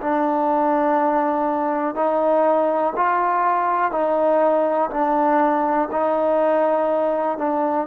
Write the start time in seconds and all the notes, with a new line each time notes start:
0.00 D4
1.95 D#4
2.96 F4
3.91 D#4
4.90 D4
5.91 D#4
7.38 D4